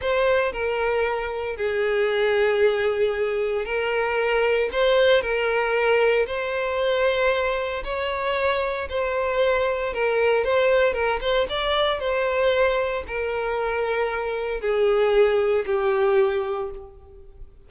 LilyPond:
\new Staff \with { instrumentName = "violin" } { \time 4/4 \tempo 4 = 115 c''4 ais'2 gis'4~ | gis'2. ais'4~ | ais'4 c''4 ais'2 | c''2. cis''4~ |
cis''4 c''2 ais'4 | c''4 ais'8 c''8 d''4 c''4~ | c''4 ais'2. | gis'2 g'2 | }